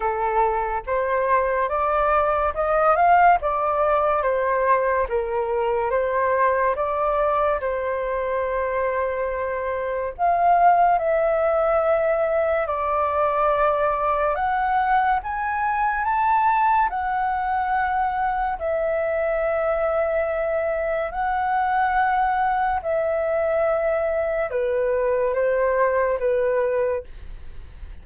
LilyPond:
\new Staff \with { instrumentName = "flute" } { \time 4/4 \tempo 4 = 71 a'4 c''4 d''4 dis''8 f''8 | d''4 c''4 ais'4 c''4 | d''4 c''2. | f''4 e''2 d''4~ |
d''4 fis''4 gis''4 a''4 | fis''2 e''2~ | e''4 fis''2 e''4~ | e''4 b'4 c''4 b'4 | }